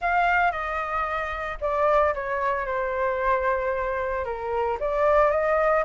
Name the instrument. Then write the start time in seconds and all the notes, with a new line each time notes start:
flute
0.01 F5
0.51 D#5
1.60 D5
2.14 C#5
2.66 C5
4.24 A#4
4.80 D5
5.30 D#5